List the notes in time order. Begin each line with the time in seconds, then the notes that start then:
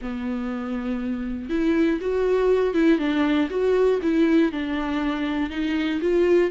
0.01 B3
1.49 E4
2.00 F#4
2.74 E4
2.99 D4
3.50 F#4
4.02 E4
4.51 D4
5.50 D#4
6.01 F4